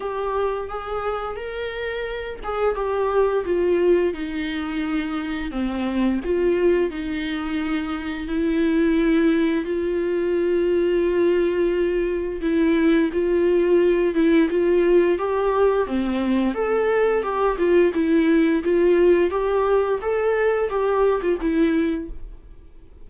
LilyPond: \new Staff \with { instrumentName = "viola" } { \time 4/4 \tempo 4 = 87 g'4 gis'4 ais'4. gis'8 | g'4 f'4 dis'2 | c'4 f'4 dis'2 | e'2 f'2~ |
f'2 e'4 f'4~ | f'8 e'8 f'4 g'4 c'4 | a'4 g'8 f'8 e'4 f'4 | g'4 a'4 g'8. f'16 e'4 | }